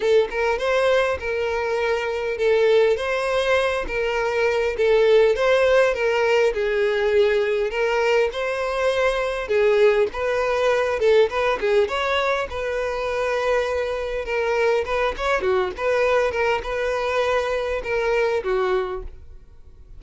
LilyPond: \new Staff \with { instrumentName = "violin" } { \time 4/4 \tempo 4 = 101 a'8 ais'8 c''4 ais'2 | a'4 c''4. ais'4. | a'4 c''4 ais'4 gis'4~ | gis'4 ais'4 c''2 |
gis'4 b'4. a'8 b'8 gis'8 | cis''4 b'2. | ais'4 b'8 cis''8 fis'8 b'4 ais'8 | b'2 ais'4 fis'4 | }